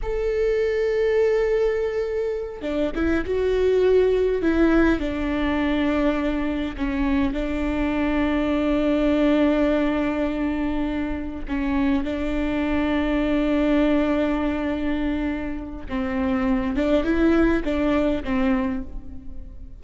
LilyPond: \new Staff \with { instrumentName = "viola" } { \time 4/4 \tempo 4 = 102 a'1~ | a'8 d'8 e'8 fis'2 e'8~ | e'8 d'2. cis'8~ | cis'8 d'2.~ d'8~ |
d'2.~ d'8 cis'8~ | cis'8 d'2.~ d'8~ | d'2. c'4~ | c'8 d'8 e'4 d'4 c'4 | }